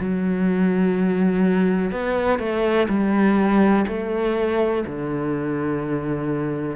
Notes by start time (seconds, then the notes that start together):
0.00 F#3
1.92 B3
2.39 A3
2.89 G3
3.88 A3
4.87 D3